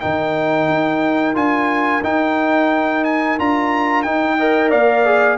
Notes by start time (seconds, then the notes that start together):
0.00 D#3 D#4 A#4 G5
0.68 D#4
1.34 D4 F4 G#5
2.03 D#4 G5
3.04 G#5
3.38 D4 F4 A#5
4.02 D#4 G5
4.37 A#4 D#5
4.70 A#3 D5 F5
5.05 G#4